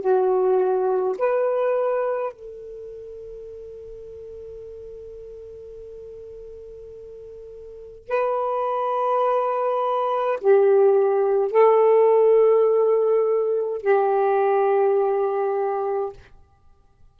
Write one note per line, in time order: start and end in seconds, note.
0.00 1.15 F#4
1.19 2.32 B4
2.32 8.08 A4
8.08 10.38 B4
10.40 11.51 G4
11.51 13.81 A4
13.81 16.12 G4